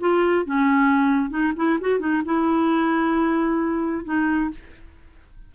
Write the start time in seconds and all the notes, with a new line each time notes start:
0.00 F4
0.45 C#4
1.30 D#4
1.56 E4
1.81 F#4
1.99 D#4
2.25 E4
4.05 D#4